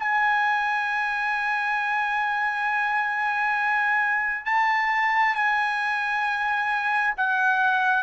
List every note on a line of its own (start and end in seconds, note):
0.00 4.46 G#5
4.46 5.36 A5
5.36 7.15 G#5
7.18 8.04 F#5